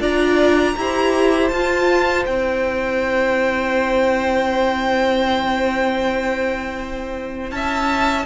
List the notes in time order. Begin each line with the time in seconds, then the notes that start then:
0.00 D4 F4 D5 A#5
0.77 E4 G4 C5
1.48 F4 A5
2.25 C4 E4 G5
7.50 C#4 E5 A5